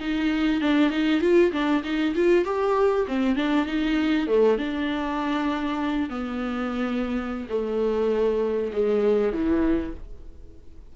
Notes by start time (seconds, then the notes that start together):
0.00 D#4
0.61 D4
0.90 D#4
1.21 F4
1.52 D4
1.84 D#4
2.15 F4
2.45 G4
3.08 C4
3.36 D4
3.66 D#4
4.27 A3
4.58 D4
6.10 B3
7.49 A3
8.72 G#3
9.33 E3